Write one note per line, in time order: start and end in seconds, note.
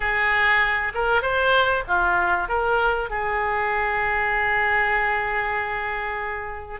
0.00 0.92 G#4
0.94 1.21 A#4
1.21 1.83 C5
1.87 2.48 F4
2.48 3.10 A#4
3.10 6.80 G#4